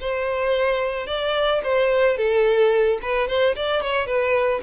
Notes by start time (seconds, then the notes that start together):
0.00 C5
1.06 D5
1.63 C5
2.17 A4
3.02 B4
3.28 C5
3.55 D5
3.81 C#5
4.06 B4